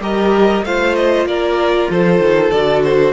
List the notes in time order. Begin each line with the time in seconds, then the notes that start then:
0.00 G3 G4 A#4 D#5
0.63 A3 F4 C5 F5
0.95 D#5
1.26 A#3 A#4 D5
1.91 F3 A4 C5
2.20 D#3
2.51 D3 F#4 D5
2.84 C5